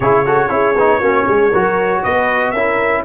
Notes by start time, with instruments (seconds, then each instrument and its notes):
0.00 tuba C#3, trombone E4, horn G#4, trumpet C#5
0.25 trombone F#4, horn A4
0.49 tuba C#4, trombone E4, horn G#4
0.75 tuba B3, trombone D#4
1.00 tuba A#3, trombone C#4, horn F#4
1.28 tuba G#3, horn G#4
1.50 tuba F#3, trombone F#4, horn A#4
2.02 tuba B3, horn B4, trumpet D#5
2.51 tuba C#4, trombone E4, horn A#4, trumpet E5